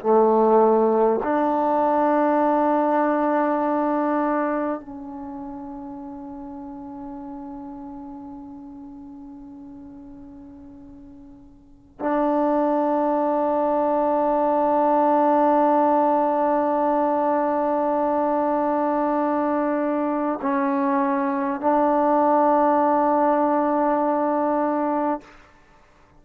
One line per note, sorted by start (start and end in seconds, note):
0.00 1.20 A3
1.23 4.80 D4
4.80 11.99 C#4
11.99 20.39 D4
20.42 21.61 C#4
21.61 25.21 D4